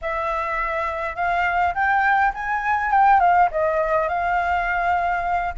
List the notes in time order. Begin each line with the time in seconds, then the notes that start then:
0.01 E5
1.15 F5
1.74 G5
2.34 G#5
2.91 G5
3.20 F5
3.51 D#5
4.08 F5